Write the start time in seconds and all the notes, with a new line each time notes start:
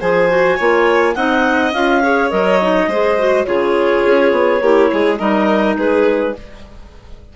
0.00 F3 G#4 C5 G#5
0.29 F#4
0.56 A#3 F4 C#5
1.15 C4 D#4 D#5 F#5
1.73 C#4 F4 F5
2.02 G#4 C#5
2.30 F#3 A#4 D#5
2.61 D#4
2.87 G#3 G#4 C5
3.18 F#4
3.45 C#3 F4 G#4 C#5
4.06 C#4
4.32 B3
4.61 A#3 E4 G4
4.93 G#3 G#4
5.17 G3 D#4 A#4 D#5
5.77 G#3 G#4 B4